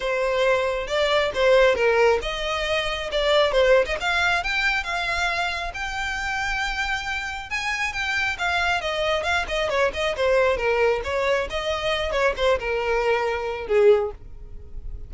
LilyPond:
\new Staff \with { instrumentName = "violin" } { \time 4/4 \tempo 4 = 136 c''2 d''4 c''4 | ais'4 dis''2 d''4 | c''8. dis''16 f''4 g''4 f''4~ | f''4 g''2.~ |
g''4 gis''4 g''4 f''4 | dis''4 f''8 dis''8 cis''8 dis''8 c''4 | ais'4 cis''4 dis''4. cis''8 | c''8 ais'2~ ais'8 gis'4 | }